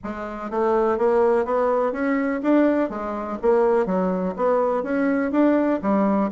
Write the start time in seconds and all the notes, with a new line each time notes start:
0.03 G#3
0.50 A3
0.98 A#3
1.45 B3
1.92 C#4
2.42 D4
2.89 G#3
3.42 A#3
3.86 F#3
4.36 B3
4.83 C#4
5.31 D4
5.82 G3